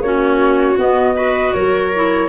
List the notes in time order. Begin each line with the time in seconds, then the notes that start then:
0.00 A#3 C#4 F#4 C#5
0.77 B3 D#5
1.16 F#4 B4
1.53 F#3 A#4 C#5
1.95 E4